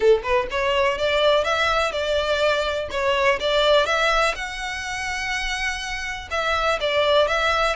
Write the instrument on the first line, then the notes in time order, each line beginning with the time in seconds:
violin
0.00 A4
0.23 B4
0.50 C#5
0.98 D5
1.44 E5
1.92 D5
2.91 C#5
3.40 D5
3.86 E5
4.35 F#5
6.30 E5
6.80 D5
7.27 E5